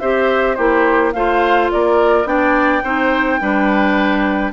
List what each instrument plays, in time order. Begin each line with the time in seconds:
0.00 bassoon C4, clarinet G4, oboe C5, flute E5
0.55 bassoon A#3, clarinet E4, oboe G4, flute C5
1.12 bassoon A3, clarinet F4, oboe C5, flute F5
1.71 bassoon A#3, oboe A#4, flute D5
2.25 bassoon B3, clarinet D4, oboe D5, flute G5
2.83 bassoon C4, clarinet D#4, oboe C5
3.40 bassoon G3, clarinet D4, oboe B4